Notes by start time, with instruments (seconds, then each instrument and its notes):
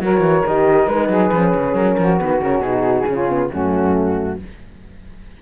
0.00 cello F#3, horn F#4, saxophone A#4, flute C#5
0.20 cello E3
0.46 cello D#3, horn G4, flute D#5
0.87 cello G#3, horn D#4, flute B4
1.08 cello F#3, saxophone G#4
1.32 cello F3, horn C#4
1.55 cello C#3
1.74 cello F#3, flute A#4
1.98 cello F3, saxophone F#4
2.18 cello D#3, horn B3, flute B4
2.41 cello C#3, horn C#4, flute A#4
2.59 cello B2, horn D#4, flute G#4
3.06 cello C#3, horn C#4, saxophone F4
3.29 horn B3
3.50 cello F#2, horn A3, saxophone C#4, flute F#4